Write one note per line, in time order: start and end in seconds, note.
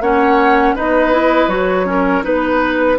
0.00 0.74 A#3
0.00 0.77 C#4
0.00 0.75 C#5
0.00 0.76 F#5
0.75 1.48 B3
0.75 1.13 D#4
0.75 1.87 B4
0.75 1.49 D#5
1.13 1.49 E4
1.48 2.22 F#3
1.48 1.86 F#4
1.48 2.23 C#5
1.86 2.23 C#4
1.86 2.25 A#4
2.23 2.99 B3
2.23 2.97 D#4
2.23 2.99 B4